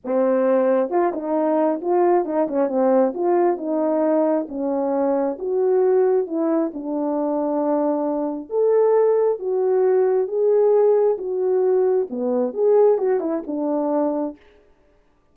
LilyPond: \new Staff \with { instrumentName = "horn" } { \time 4/4 \tempo 4 = 134 c'2 f'8 dis'4. | f'4 dis'8 cis'8 c'4 f'4 | dis'2 cis'2 | fis'2 e'4 d'4~ |
d'2. a'4~ | a'4 fis'2 gis'4~ | gis'4 fis'2 b4 | gis'4 fis'8 e'8 d'2 | }